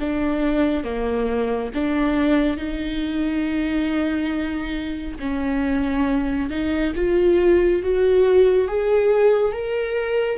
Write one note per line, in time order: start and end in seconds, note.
0.00 0.84 D4
0.84 1.71 A#3
1.74 2.57 D4
2.57 5.18 D#4
5.20 6.50 C#4
6.50 6.94 D#4
6.96 7.83 F4
7.83 8.68 F#4
8.68 9.53 G#4
9.53 10.38 A#4